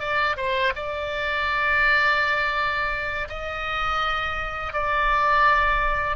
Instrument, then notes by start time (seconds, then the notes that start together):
oboe
0.00 D5
0.37 C5
0.76 D5
3.29 D#5
4.73 D5